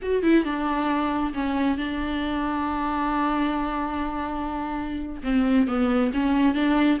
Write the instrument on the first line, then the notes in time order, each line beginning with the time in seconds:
viola
0.02 F#4
0.22 E4
0.44 D4
1.34 C#4
1.77 D4
5.23 C4
5.67 B3
6.13 C#4
6.54 D4